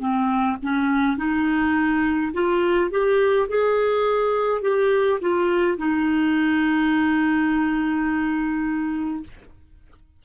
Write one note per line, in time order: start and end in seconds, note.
0.00 0.58 C4
0.63 1.17 C#4
1.17 2.33 D#4
2.33 2.91 F4
2.91 3.49 G4
3.49 4.62 G#4
4.62 5.20 G4
5.21 5.78 F4
5.78 9.24 D#4